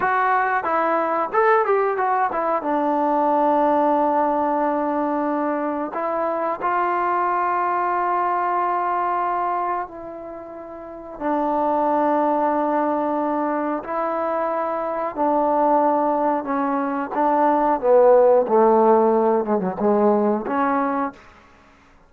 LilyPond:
\new Staff \with { instrumentName = "trombone" } { \time 4/4 \tempo 4 = 91 fis'4 e'4 a'8 g'8 fis'8 e'8 | d'1~ | d'4 e'4 f'2~ | f'2. e'4~ |
e'4 d'2.~ | d'4 e'2 d'4~ | d'4 cis'4 d'4 b4 | a4. gis16 fis16 gis4 cis'4 | }